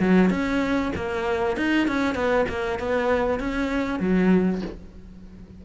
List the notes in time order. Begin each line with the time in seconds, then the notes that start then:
0.00 F#3
0.30 C#4
0.96 A#3
1.57 D#4
1.88 C#4
2.15 B3
2.49 A#3
2.80 B3
3.40 C#4
4.00 F#3